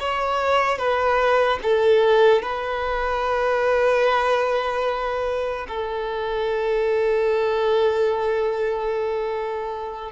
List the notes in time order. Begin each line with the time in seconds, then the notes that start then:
0.00 C#5
0.78 B4
1.63 A4
2.42 B4
5.68 A4